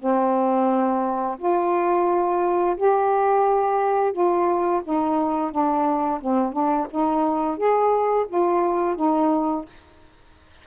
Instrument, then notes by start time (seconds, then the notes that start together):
saxophone
0.00 C4
1.39 F4
2.77 G4
4.13 F4
4.85 D#4
5.52 D4
6.21 C4
6.53 D4
6.91 D#4
7.58 G#4
8.29 F4
8.97 D#4